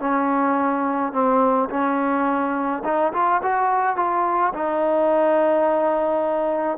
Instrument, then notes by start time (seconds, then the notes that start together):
trombone
0.00 C#4
1.13 C4
1.70 C#4
2.85 D#4
3.13 F4
3.43 F#4
3.96 F4
4.54 D#4